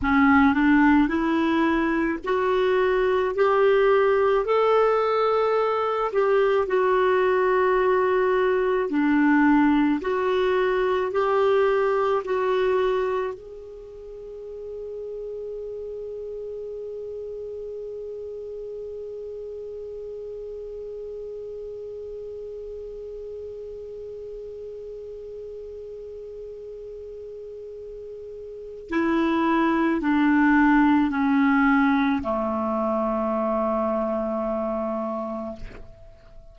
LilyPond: \new Staff \with { instrumentName = "clarinet" } { \time 4/4 \tempo 4 = 54 cis'8 d'8 e'4 fis'4 g'4 | a'4. g'8 fis'2 | d'4 fis'4 g'4 fis'4 | gis'1~ |
gis'1~ | gis'1~ | gis'2 e'4 d'4 | cis'4 a2. | }